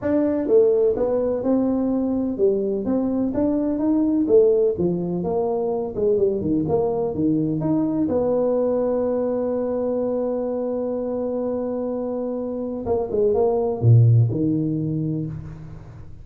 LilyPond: \new Staff \with { instrumentName = "tuba" } { \time 4/4 \tempo 4 = 126 d'4 a4 b4 c'4~ | c'4 g4 c'4 d'4 | dis'4 a4 f4 ais4~ | ais8 gis8 g8 dis8 ais4 dis4 |
dis'4 b2.~ | b1~ | b2. ais8 gis8 | ais4 ais,4 dis2 | }